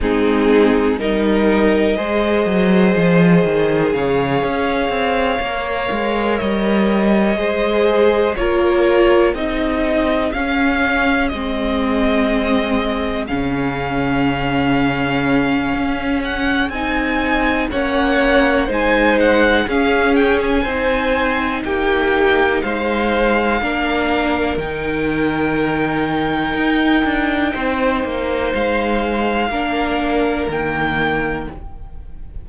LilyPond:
<<
  \new Staff \with { instrumentName = "violin" } { \time 4/4 \tempo 4 = 61 gis'4 dis''2. | f''2~ f''8 dis''4.~ | dis''8 cis''4 dis''4 f''4 dis''8~ | dis''4. f''2~ f''8~ |
f''8 fis''8 gis''4 fis''4 gis''8 fis''8 | f''8 g''16 gis''4~ gis''16 g''4 f''4~ | f''4 g''2.~ | g''4 f''2 g''4 | }
  \new Staff \with { instrumentName = "violin" } { \time 4/4 dis'4 ais'4 c''2 | cis''2.~ cis''8 c''8~ | c''8 ais'4 gis'2~ gis'8~ | gis'1~ |
gis'2 cis''4 c''4 | gis'4 c''4 g'4 c''4 | ais'1 | c''2 ais'2 | }
  \new Staff \with { instrumentName = "viola" } { \time 4/4 c'4 dis'4 gis'2~ | gis'4. ais'2 gis'8~ | gis'8 f'4 dis'4 cis'4 c'8~ | c'4. cis'2~ cis'8~ |
cis'4 dis'4 cis'4 dis'4 | cis'4 dis'2. | d'4 dis'2.~ | dis'2 d'4 ais4 | }
  \new Staff \with { instrumentName = "cello" } { \time 4/4 gis4 g4 gis8 fis8 f8 dis8 | cis8 cis'8 c'8 ais8 gis8 g4 gis8~ | gis8 ais4 c'4 cis'4 gis8~ | gis4. cis2~ cis8 |
cis'4 c'4 ais4 gis4 | cis'4 c'4 ais4 gis4 | ais4 dis2 dis'8 d'8 | c'8 ais8 gis4 ais4 dis4 | }
>>